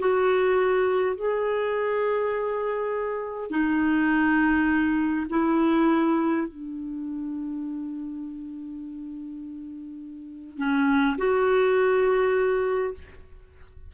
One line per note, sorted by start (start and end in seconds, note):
0.00 1.16 F#4
1.16 3.51 G#4
3.51 5.27 D#4
5.30 6.48 E4
6.48 10.58 D4
10.58 11.17 C#4
11.18 12.94 F#4